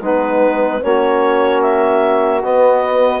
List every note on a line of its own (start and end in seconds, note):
0.00 0.80 G#3
0.00 0.82 B3
0.00 0.80 D#4
0.00 0.83 B4
0.81 2.43 A#3
0.81 2.42 C#4
0.81 3.20 F#4
0.81 1.61 C#5
1.61 2.41 E5
2.43 3.20 B3
2.43 3.20 D#5